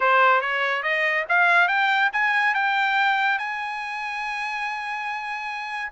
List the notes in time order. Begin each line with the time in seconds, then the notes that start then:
0.00 C5
0.41 C#5
0.83 D#5
1.28 F5
1.67 G5
2.12 G#5
2.54 G5
3.38 G#5